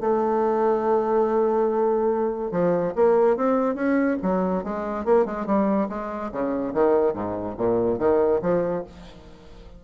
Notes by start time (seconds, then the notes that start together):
0.00 A3
2.51 F3
2.95 A#3
3.37 C4
3.75 C#4
4.22 F#3
4.64 G#3
5.05 A#3
5.25 G#3
5.46 G3
5.89 G#3
6.31 C#3
6.74 D#3
7.13 G#2
7.57 A#2
7.99 D#3
8.42 F3